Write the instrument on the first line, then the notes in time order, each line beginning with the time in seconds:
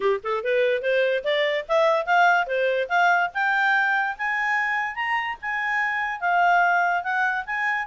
clarinet
0.00 G4
0.23 A4
0.43 B4
0.82 C5
1.23 D5
1.68 E5
2.05 F5
2.46 C5
2.89 F5
3.33 G5
4.17 G#5
4.95 A#5
5.41 G#5
6.20 F5
7.03 F#5
7.45 G#5